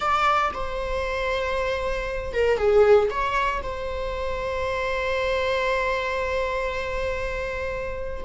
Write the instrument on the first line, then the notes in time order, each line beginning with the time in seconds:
viola
0.00 D5
0.53 C5
2.33 A#4
2.57 G#4
3.10 C#5
3.62 C5